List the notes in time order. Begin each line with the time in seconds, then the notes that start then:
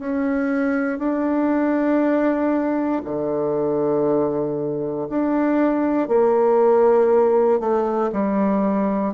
0.00 C#4
0.99 D4
3.05 D3
5.10 D4
6.08 A#3
7.60 A3
8.13 G3